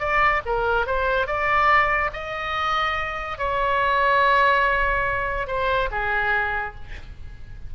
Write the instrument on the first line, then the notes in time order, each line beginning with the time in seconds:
oboe
0.00 D5
0.46 A#4
0.87 C5
1.27 D5
2.14 D#5
3.38 C#5
5.48 C5
5.91 G#4